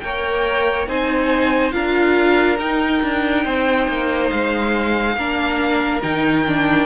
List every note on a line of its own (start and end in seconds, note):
0.00 0.87 A#3
0.00 0.87 A#4
0.00 0.89 C#5
0.00 0.86 G5
0.87 1.73 C4
0.87 1.72 D#4
0.87 1.74 C5
0.87 1.72 G#5
1.72 2.59 D4
1.72 2.57 F4
1.72 3.44 A#4
1.72 2.57 F5
2.59 3.02 D#4
2.59 5.17 D#4
2.59 4.30 G5
3.02 3.45 D4
3.44 3.88 C4
3.44 5.16 C5
3.88 4.31 A#3
4.30 5.16 G#3
4.30 6.01 F5
5.16 6.02 A#3
5.16 6.02 D4
5.16 6.86 A#4
6.02 6.86 D#3
6.02 6.45 D#4
6.02 6.86 G5
6.47 6.86 D4